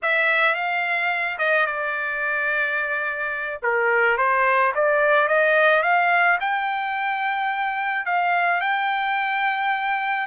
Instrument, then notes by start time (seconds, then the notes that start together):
trumpet
0.02 E5
0.54 F5
1.38 D#5
1.66 D5
3.62 A#4
4.17 C5
4.74 D5
5.28 D#5
5.82 F5
6.40 G5
8.05 F5
8.61 G5